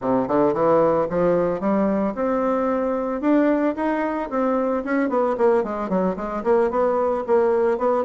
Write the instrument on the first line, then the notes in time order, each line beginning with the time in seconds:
bassoon
0.01 C3
0.28 D3
0.53 E3
1.09 F3
1.60 G3
2.14 C4
3.21 D4
3.75 D#4
4.30 C4
4.84 C#4
5.09 B3
5.37 A#3
5.63 G#3
5.89 F#3
6.16 G#3
6.43 A#3
6.70 B3
7.26 A#3
7.78 B3